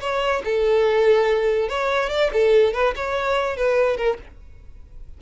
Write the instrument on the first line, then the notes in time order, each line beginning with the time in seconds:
violin
0.00 C#5
0.44 A4
1.68 C#5
2.09 D5
2.33 A4
2.73 B4
2.95 C#5
3.56 B4
3.97 A#4